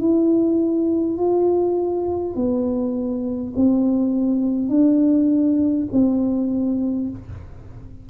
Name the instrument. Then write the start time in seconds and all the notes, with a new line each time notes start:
tuba
0.00 E4
1.18 F4
2.36 B3
3.56 C4
4.70 D4
5.93 C4